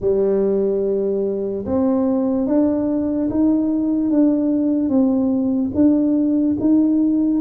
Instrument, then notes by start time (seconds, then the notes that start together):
tuba
0.00 G3
1.65 C4
2.46 D4
3.30 D#4
4.10 D4
4.89 C4
5.74 D4
6.60 D#4